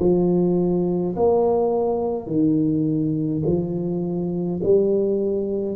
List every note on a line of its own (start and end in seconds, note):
0.00 1.15 F3
1.16 2.27 A#3
2.27 3.42 D#3
3.46 4.62 F3
4.64 5.76 G3